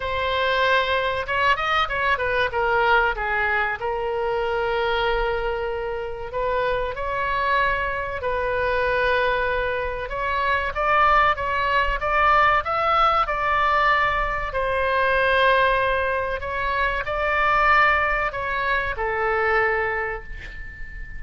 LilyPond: \new Staff \with { instrumentName = "oboe" } { \time 4/4 \tempo 4 = 95 c''2 cis''8 dis''8 cis''8 b'8 | ais'4 gis'4 ais'2~ | ais'2 b'4 cis''4~ | cis''4 b'2. |
cis''4 d''4 cis''4 d''4 | e''4 d''2 c''4~ | c''2 cis''4 d''4~ | d''4 cis''4 a'2 | }